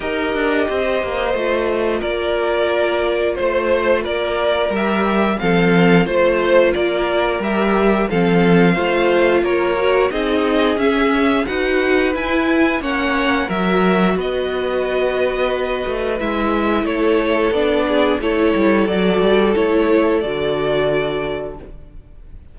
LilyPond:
<<
  \new Staff \with { instrumentName = "violin" } { \time 4/4 \tempo 4 = 89 dis''2. d''4~ | d''4 c''4 d''4 e''4 | f''4 c''4 d''4 e''4 | f''2 cis''4 dis''4 |
e''4 fis''4 gis''4 fis''4 | e''4 dis''2. | e''4 cis''4 d''4 cis''4 | d''4 cis''4 d''2 | }
  \new Staff \with { instrumentName = "violin" } { \time 4/4 ais'4 c''2 ais'4~ | ais'4 c''4 ais'2 | a'4 c''4 ais'2 | a'4 c''4 ais'4 gis'4~ |
gis'4 b'2 cis''4 | ais'4 b'2.~ | b'4 a'4. gis'8 a'4~ | a'1 | }
  \new Staff \with { instrumentName = "viola" } { \time 4/4 g'2 f'2~ | f'2. g'4 | c'4 f'2 g'4 | c'4 f'4. fis'8 dis'4 |
cis'4 fis'4 e'4 cis'4 | fis'1 | e'2 d'4 e'4 | fis'4 e'4 fis'2 | }
  \new Staff \with { instrumentName = "cello" } { \time 4/4 dis'8 d'8 c'8 ais8 a4 ais4~ | ais4 a4 ais4 g4 | f4 a4 ais4 g4 | f4 a4 ais4 c'4 |
cis'4 dis'4 e'4 ais4 | fis4 b2~ b8 a8 | gis4 a4 b4 a8 g8 | fis8 g8 a4 d2 | }
>>